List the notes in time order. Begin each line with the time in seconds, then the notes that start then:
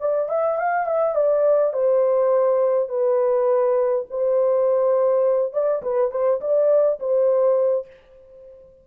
0.00 D5
0.29 E5
0.58 F5
0.86 E5
1.15 D5
1.73 C5
2.89 B4
4.10 C5
5.53 D5
5.83 B4
6.11 C5
6.41 D5
6.99 C5